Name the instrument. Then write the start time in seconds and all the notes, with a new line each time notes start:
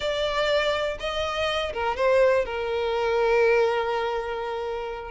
violin
0.00 D5
0.99 D#5
1.73 A#4
1.96 C5
2.45 A#4